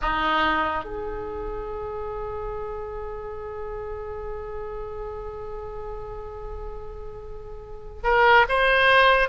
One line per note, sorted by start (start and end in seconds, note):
0.01 0.84 D#4
0.84 8.02 G#4
8.03 8.45 A#4
8.48 9.28 C5